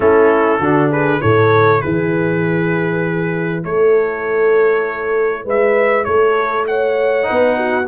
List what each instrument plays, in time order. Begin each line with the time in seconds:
0.00 tuba A3, trombone C#4, horn E4, trumpet A4
0.59 tuba D3, trombone D4, horn F#4
0.90 horn G#4, trumpet B4
1.19 tuba A2, trombone E4, horn A4, trumpet C#5
1.81 tuba E3, horn G#4, trumpet B4
3.64 tuba A3, horn A4, trumpet C#5
5.44 tuba G#3, horn B4, trumpet E5
6.04 tuba A3, horn A4, trumpet C#5
6.67 horn C#5, trumpet F#5
7.22 trombone D#4, horn B4
7.30 tuba B3
7.57 horn F#4